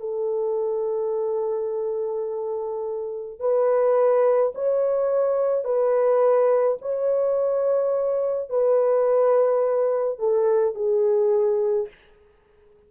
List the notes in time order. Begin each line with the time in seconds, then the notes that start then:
0.00 A4
3.40 B4
4.54 C#5
5.64 B4
6.81 C#5
8.49 B4
10.18 A4
10.74 G#4